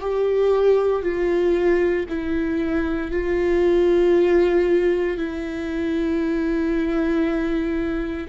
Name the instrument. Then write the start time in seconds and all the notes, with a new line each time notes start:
viola
0.00 G4
1.02 F4
2.08 E4
3.11 F4
5.17 E4